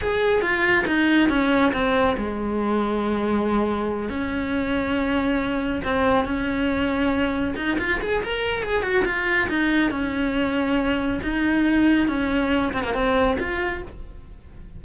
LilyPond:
\new Staff \with { instrumentName = "cello" } { \time 4/4 \tempo 4 = 139 gis'4 f'4 dis'4 cis'4 | c'4 gis2.~ | gis4. cis'2~ cis'8~ | cis'4. c'4 cis'4.~ |
cis'4. dis'8 f'8 gis'8 ais'4 | gis'8 fis'8 f'4 dis'4 cis'4~ | cis'2 dis'2 | cis'4. c'16 ais16 c'4 f'4 | }